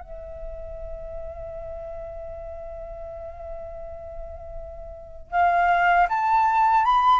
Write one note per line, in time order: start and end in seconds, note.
0.00 5.31 E5
5.31 6.07 F5
6.09 6.85 A5
6.85 7.20 B5